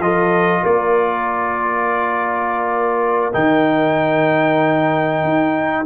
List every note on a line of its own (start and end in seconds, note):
0.00 0.63 F3
0.00 3.33 F4
0.00 0.63 A4
0.00 0.65 D#5
0.63 3.34 A#3
0.63 5.84 A#4
0.63 3.34 D5
3.33 5.23 D#3
3.33 5.86 D#4
3.33 5.86 G5
5.23 5.86 D#4